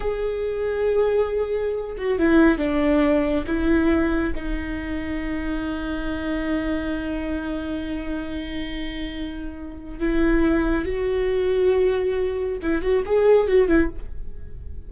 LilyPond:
\new Staff \with { instrumentName = "viola" } { \time 4/4 \tempo 4 = 138 gis'1~ | gis'8 fis'8 e'4 d'2 | e'2 dis'2~ | dis'1~ |
dis'1~ | dis'2. e'4~ | e'4 fis'2.~ | fis'4 e'8 fis'8 gis'4 fis'8 e'8 | }